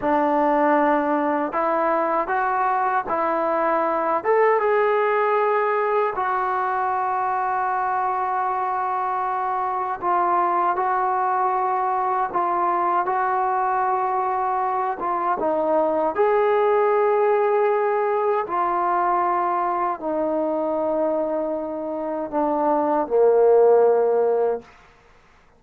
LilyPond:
\new Staff \with { instrumentName = "trombone" } { \time 4/4 \tempo 4 = 78 d'2 e'4 fis'4 | e'4. a'8 gis'2 | fis'1~ | fis'4 f'4 fis'2 |
f'4 fis'2~ fis'8 f'8 | dis'4 gis'2. | f'2 dis'2~ | dis'4 d'4 ais2 | }